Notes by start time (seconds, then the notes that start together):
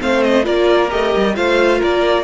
0.00 A3 C4 C5 F5
0.23 D#5
0.44 A#3 F4 A#4 D5
0.90 A3 G4 D#5
1.16 G3
1.36 A3 F4 C5 F5
1.80 A#3 A#4 D5